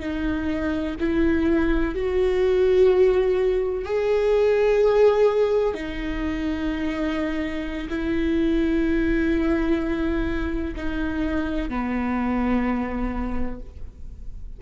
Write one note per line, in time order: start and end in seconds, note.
0.00 0.95 D#4
1.00 1.95 E4
1.95 3.85 F#4
3.85 5.74 G#4
5.74 7.88 D#4
7.89 10.75 E4
10.76 11.70 D#4
11.70 13.60 B3